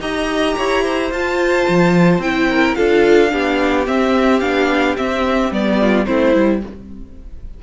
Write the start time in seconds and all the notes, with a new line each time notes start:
0.00 D#4 G4 D#5 A#5
0.57 E4 C#5
0.83 C5
1.11 F4 A5
1.68 F3
2.18 C4 E4 G5
2.50 A#4
2.75 D4 F4 A4 F5
3.29 B3 D4 G4
3.87 C4 E5
4.40 B3 D4 F5
4.97 C4 E5
5.51 G3 B3 D5
5.81 F4
6.05 A3 C4 E4 C5
6.35 G3 E4